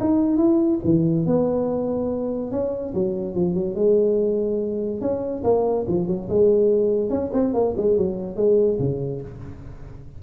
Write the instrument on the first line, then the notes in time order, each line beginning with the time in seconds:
tuba
0.00 D#4
0.37 E4
0.84 E3
1.26 B3
2.51 C#4
2.94 F#3
3.34 F3
3.54 F#3
3.75 G#3
5.01 C#4
5.43 A#3
5.88 F3
6.07 F#3
6.29 G#3
7.09 C#4
7.33 C4
7.53 A#3
7.77 G#3
7.97 F#3
8.36 G#3
8.79 C#3